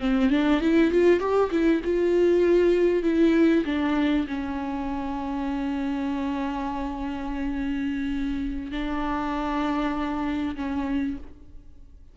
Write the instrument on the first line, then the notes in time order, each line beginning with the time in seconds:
viola
0.00 C4
0.30 D4
0.61 E4
0.91 F4
1.20 G4
1.51 E4
1.85 F4
3.04 E4
3.66 D4
4.28 C#4
8.72 D4
10.56 C#4